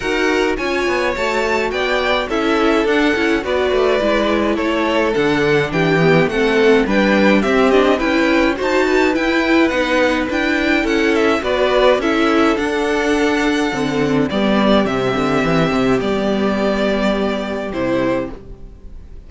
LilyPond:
<<
  \new Staff \with { instrumentName = "violin" } { \time 4/4 \tempo 4 = 105 fis''4 gis''4 a''4 g''4 | e''4 fis''4 d''2 | cis''4 fis''4 g''4 fis''4 | g''4 e''8 dis''8 g''4 a''4 |
g''4 fis''4 g''4 fis''8 e''8 | d''4 e''4 fis''2~ | fis''4 d''4 e''2 | d''2. c''4 | }
  \new Staff \with { instrumentName = "violin" } { \time 4/4 ais'4 cis''2 d''4 | a'2 b'2 | a'2 g'4 a'4 | b'4 g'4 b'4 c''8 b'8~ |
b'2. a'4 | b'4 a'2.~ | a'4 g'2.~ | g'1 | }
  \new Staff \with { instrumentName = "viola" } { \time 4/4 fis'4 f'4 fis'2 | e'4 d'8 e'8 fis'4 e'4~ | e'4 d'4. b8 c'4 | d'4 c'8 d'8 e'4 fis'4 |
e'4 dis'4 e'2 | fis'4 e'4 d'2 | c'4 b4 c'2 | b2. e'4 | }
  \new Staff \with { instrumentName = "cello" } { \time 4/4 dis'4 cis'8 b8 a4 b4 | cis'4 d'8 cis'8 b8 a8 gis4 | a4 d4 e4 a4 | g4 c'4 cis'4 dis'4 |
e'4 b4 d'4 cis'4 | b4 cis'4 d'2 | d4 g4 c8 d8 e8 c8 | g2. c4 | }
>>